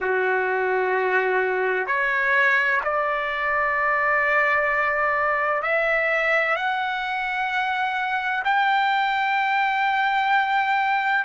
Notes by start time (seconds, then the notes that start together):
0.00 F#4
1.87 C#5
2.83 D5
5.62 E5
6.55 F#5
8.44 G5